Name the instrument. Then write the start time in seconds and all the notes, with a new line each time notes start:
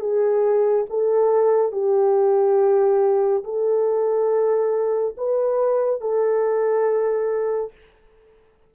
horn
0.00 G#4
0.90 A4
1.72 G4
3.44 A4
5.17 B4
6.01 A4